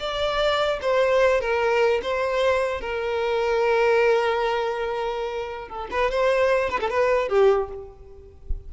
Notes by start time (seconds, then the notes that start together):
0.00 D5
0.82 C5
1.41 A#4
2.03 C5
2.81 A#4
5.69 A4
5.91 B4
6.11 C5
6.70 B4
6.81 A4
6.91 B4
7.29 G4